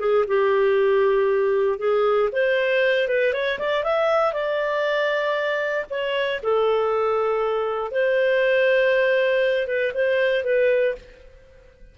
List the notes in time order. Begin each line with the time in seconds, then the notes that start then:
0.00 G#4
0.28 G4
1.79 G#4
2.33 C5
3.09 B4
3.34 C#5
3.59 D5
3.84 E5
4.34 D5
5.90 C#5
6.43 A4
7.92 C5
9.67 B4
9.95 C5
10.44 B4